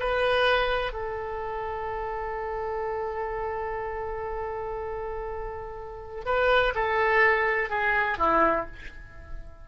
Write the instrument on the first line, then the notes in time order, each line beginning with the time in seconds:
oboe
0.00 B4
0.93 A4
6.26 B4
6.75 A4
7.70 G#4
8.18 E4